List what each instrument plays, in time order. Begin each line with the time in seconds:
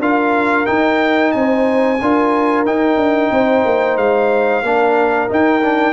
0.00 tuba D4, trombone F4, horn A#4, trumpet F5
0.66 trombone D#4, tuba D#4, trumpet G5
1.32 tuba C4, trumpet G#5
1.38 horn C5
2.02 tuba D4, trombone F4, horn A#4
2.66 tuba D#4, trombone D#4, trumpet G5
2.97 tuba D4
3.32 tuba C4, horn C5
3.65 tuba A#3
3.97 tuba G#3, trumpet F5
4.63 tuba A#3, trombone D4, horn A#4
5.29 trombone D#4, tuba D#4, trumpet G5
5.63 trombone D4